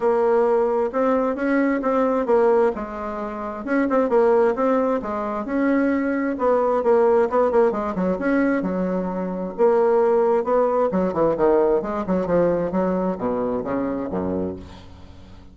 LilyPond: \new Staff \with { instrumentName = "bassoon" } { \time 4/4 \tempo 4 = 132 ais2 c'4 cis'4 | c'4 ais4 gis2 | cis'8 c'8 ais4 c'4 gis4 | cis'2 b4 ais4 |
b8 ais8 gis8 fis8 cis'4 fis4~ | fis4 ais2 b4 | fis8 e8 dis4 gis8 fis8 f4 | fis4 b,4 cis4 fis,4 | }